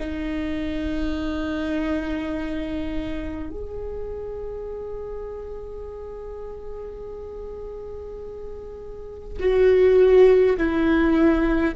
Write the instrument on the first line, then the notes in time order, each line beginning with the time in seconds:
viola
0.00 D#4
3.51 G#4
9.40 F#4
10.58 E4